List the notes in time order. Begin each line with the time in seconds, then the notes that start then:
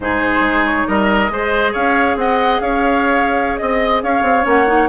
0.00 G#2 D#4 G#4 C5
0.40 G#3
0.66 C#5
0.87 G3 A#4 D#5
1.28 G#3 G#4 C5
1.72 C#4 C#5 F5
2.16 C4 D#5 F#5
2.60 C#4 C#5 F5
3.57 C4 D#5
4.03 C#4 C#5 F5
4.22 C4
4.42 A#3 C#4 F#5
4.66 D#4